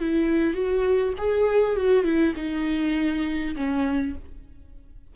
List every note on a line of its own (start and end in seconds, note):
0.00 0.54 E4
0.54 1.13 F#4
1.18 1.76 G#4
1.76 2.04 F#4
2.04 2.34 E4
2.36 3.55 D#4
3.56 4.15 C#4